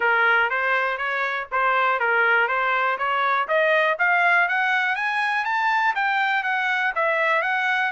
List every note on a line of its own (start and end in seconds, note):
0.00 0.50 A#4
0.50 0.97 C5
0.97 1.47 C#5
1.51 1.99 C5
1.99 2.48 A#4
2.48 2.97 C5
2.98 3.47 C#5
3.47 3.97 D#5
3.98 4.48 F5
4.48 4.95 F#5
4.95 5.44 G#5
5.44 5.94 A5
5.95 6.43 G5
6.43 6.92 F#5
6.95 7.41 E5
7.41 7.91 F#5